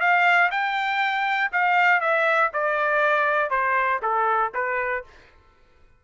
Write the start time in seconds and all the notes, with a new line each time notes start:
0.00 F5
0.51 G5
1.52 F5
2.00 E5
2.53 D5
3.50 C5
4.02 A4
4.54 B4